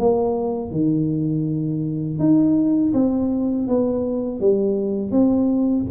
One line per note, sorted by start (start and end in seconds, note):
0.00 0.71 A#3
0.71 2.19 D#3
2.19 2.93 D#4
2.94 3.68 C4
3.68 4.41 B3
4.41 5.12 G3
5.12 5.86 C4